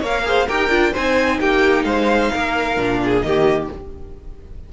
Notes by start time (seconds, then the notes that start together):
0.00 A#3 A#4 C#5 F5
0.25 G#4 C5
0.47 D#4 G4 A#4 G5
0.69 D4 F4
0.93 C4 D#4 C5 G#5
1.40 A#3 G4 G5
1.84 G#3 C5 F5
2.33 A#3 A#4
2.77 A#2 D4
3.05 G#4
3.21 D#3 A#3 G4 D#5